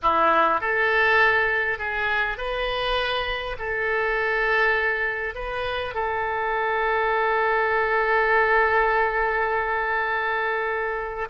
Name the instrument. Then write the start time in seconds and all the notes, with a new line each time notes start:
oboe
0.02 E4
0.60 A4
1.78 G#4
2.37 B4
3.59 A4
5.34 B4
5.94 A4